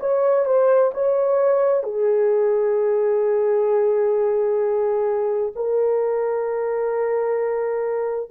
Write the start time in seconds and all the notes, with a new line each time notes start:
0.00 C#5
0.46 C5
0.94 C#5
1.84 G#4
5.56 A#4